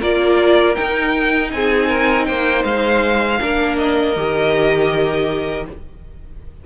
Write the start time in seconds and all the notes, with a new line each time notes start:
0.00 A#3 F4 A#4 D5
0.75 D#4 G5
1.52 C4 G#4 G#5
1.89 A#4
2.26 A#3 C5 G5
2.65 G#3 F5
3.41 A#3 D4 A#4
3.78 D#5
4.16 D#3 G4